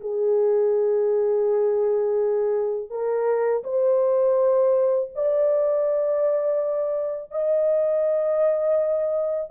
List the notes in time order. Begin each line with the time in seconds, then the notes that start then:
0.00 G#4
2.90 A#4
3.64 C5
5.15 D5
7.31 D#5